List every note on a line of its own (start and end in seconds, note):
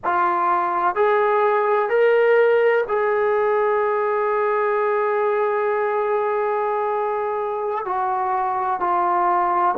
0.04 0.95 F4
0.95 1.89 G#4
1.89 2.84 A#4
2.87 7.85 G#4
7.85 8.80 F#4
8.80 9.75 F4